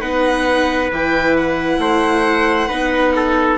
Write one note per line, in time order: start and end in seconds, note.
0.00 0.90 B3
0.00 0.90 D#4
0.00 1.79 B4
0.00 0.90 F#5
0.91 1.78 E3
0.91 2.69 E4
0.91 1.36 G5
1.36 3.58 F#5
1.78 2.68 A3
1.78 2.68 C5
2.68 3.58 B3
2.68 3.58 D#4
2.68 3.12 B4
3.15 3.58 A4